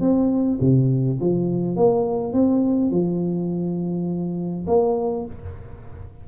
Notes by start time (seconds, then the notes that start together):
0.00 C4
0.61 C3
1.20 F3
1.76 A#3
2.33 C4
2.91 F3
4.67 A#3